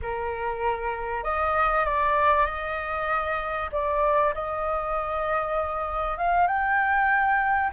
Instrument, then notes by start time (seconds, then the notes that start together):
flute
0.02 A#4
1.23 D#5
1.84 D5
2.46 D#5
3.72 D5
4.34 D#5
6.17 F5
6.47 G5